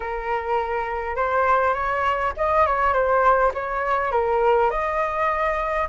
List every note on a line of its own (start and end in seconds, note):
0.00 1.16 A#4
1.16 1.74 C5
1.74 2.32 C#5
2.36 2.66 D#5
2.66 2.93 C#5
2.93 3.52 C5
3.53 4.11 C#5
4.11 4.70 A#4
4.70 5.87 D#5